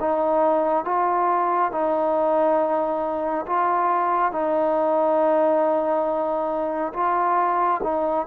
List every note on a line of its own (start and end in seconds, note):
0.00 0.85 D#4
0.85 1.72 F4
1.72 3.45 D#4
3.46 4.32 F4
4.32 6.93 D#4
6.94 7.81 F4
7.83 8.26 D#4